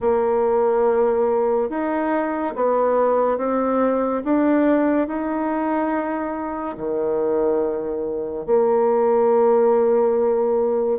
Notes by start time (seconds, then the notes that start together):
0.00 A#3
1.69 D#4
2.55 B3
3.37 C4
4.24 D4
5.07 D#4
6.77 D#3
8.45 A#3